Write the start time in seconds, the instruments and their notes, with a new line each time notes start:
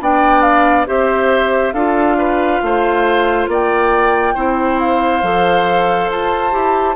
0.00 bassoon B3, clarinet D4, oboe D5, flute G5
0.41 flute F5
0.86 bassoon C4, clarinet G4, oboe C5, flute E5
1.73 bassoon D4, clarinet F4, oboe A4, flute F5
2.18 oboe B4
2.62 bassoon A3, oboe C5
3.47 bassoon A#3, oboe D5, flute G5
4.34 bassoon C4, clarinet E4, oboe C5
4.79 flute F5
5.22 bassoon F3, clarinet A4
6.10 bassoon F4, flute A5
6.51 bassoon E4, clarinet G4